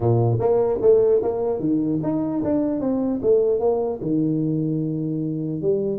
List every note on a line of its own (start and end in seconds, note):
0.00 0.38 A#2
0.39 0.79 A#3
0.81 1.21 A3
1.22 1.59 A#3
1.59 1.99 D#3
2.02 2.42 D#4
2.44 2.80 D4
2.80 3.20 C4
3.22 3.59 A3
3.59 3.99 A#3
4.01 5.61 D#3
5.61 5.99 G3